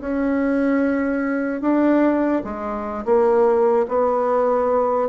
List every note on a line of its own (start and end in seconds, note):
0.00 1.61 C#4
1.61 2.42 D4
2.44 3.05 G#3
3.05 3.86 A#3
3.88 5.08 B3